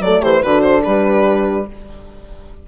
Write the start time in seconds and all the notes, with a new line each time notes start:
0.00 F#3 A3 A4 D5
0.21 E3 G4 C5
0.42 D3 D4 F#4 B4
0.61 C5
0.84 G3 G4 B4